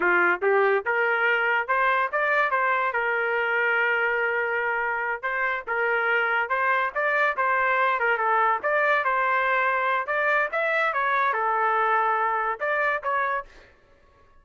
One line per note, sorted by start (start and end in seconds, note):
0.00 0.40 F4
0.42 0.84 G4
0.85 1.67 A#4
1.67 2.09 C5
2.12 2.50 D5
2.50 2.92 C5
2.93 5.22 A#4
5.22 5.64 C5
5.67 6.49 A#4
6.49 6.91 C5
6.94 7.36 D5
7.37 7.99 C5
7.99 8.17 A#4
8.17 8.59 A4
8.62 9.04 D5
9.04 10.06 C5
10.06 10.48 D5
10.51 10.93 E5
10.93 11.33 C#5
11.33 12.59 A4
12.60 13.02 D5
13.03 13.45 C#5